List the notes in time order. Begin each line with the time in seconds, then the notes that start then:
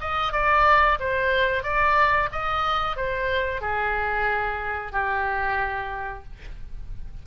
0.00 D#5
0.32 D5
0.99 C5
1.63 D5
2.32 D#5
2.96 C5
3.61 G#4
4.92 G4